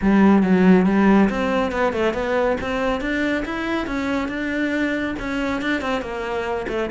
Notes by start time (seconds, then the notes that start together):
0.01 G3
0.42 F#3
0.86 G3
1.29 C4
1.71 B3
1.92 A3
2.13 B3
2.60 C4
3.00 D4
3.45 E4
3.86 C#4
4.28 D4
5.19 C#4
5.61 D4
5.81 C4
6.01 A#3
6.68 A3